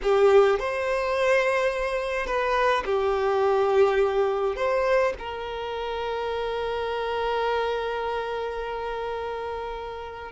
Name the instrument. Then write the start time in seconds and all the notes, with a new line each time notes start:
violin
0.02 G4
0.59 C5
2.26 B4
2.85 G4
4.56 C5
5.18 A#4